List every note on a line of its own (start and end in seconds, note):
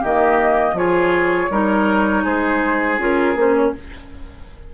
0.00 0.73 D#3
0.00 0.76 A#3
0.00 0.74 G4
0.00 0.77 D#5
0.73 1.47 F3
0.73 1.50 F4
0.73 1.51 G#4
0.73 2.25 C#5
1.50 2.24 G3
1.50 2.98 D#4
1.50 2.24 A#4
2.24 2.98 G#3
2.24 3.72 G#4
2.24 2.99 C5
2.98 3.35 C#4
2.98 3.35 F4
2.98 3.39 A#4
3.35 3.72 A#3
3.35 3.74 C#4
3.35 3.55 C5
3.55 3.74 C#5